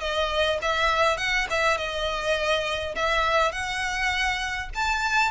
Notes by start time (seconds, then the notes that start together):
0.00 D#5
0.61 E5
1.17 F#5
1.50 E5
1.77 D#5
2.95 E5
3.51 F#5
4.74 A5